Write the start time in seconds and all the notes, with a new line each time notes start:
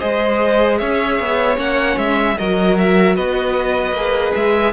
0.00 G#3 G#4 C5 D#5
0.78 C#4 C#5 E5
1.20 B3
1.56 A#3 C#4 F#5
1.97 G#3 E5
2.38 F#3 F#4 A#4 D#5
2.78 E5
3.16 B3 B4 D#5
3.92 A#3 G#4
4.35 G#3 E5